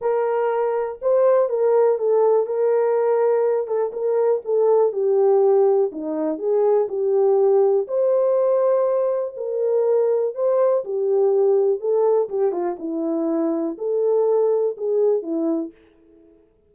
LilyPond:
\new Staff \with { instrumentName = "horn" } { \time 4/4 \tempo 4 = 122 ais'2 c''4 ais'4 | a'4 ais'2~ ais'8 a'8 | ais'4 a'4 g'2 | dis'4 gis'4 g'2 |
c''2. ais'4~ | ais'4 c''4 g'2 | a'4 g'8 f'8 e'2 | a'2 gis'4 e'4 | }